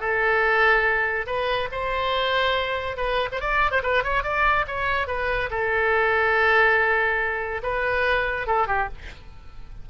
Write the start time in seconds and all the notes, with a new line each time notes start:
0.00 A4
1.26 B4
1.72 C5
2.97 B4
3.32 C5
3.40 D5
3.71 C5
3.83 B4
4.04 C#5
4.23 D5
4.67 C#5
5.07 B4
5.50 A4
7.63 B4
8.47 A4
8.67 G4